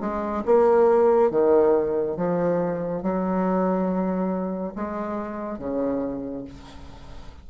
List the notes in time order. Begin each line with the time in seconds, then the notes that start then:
0.00 G#3
0.45 A#3
1.31 D#3
2.17 F3
3.02 F#3
4.75 G#3
5.58 C#3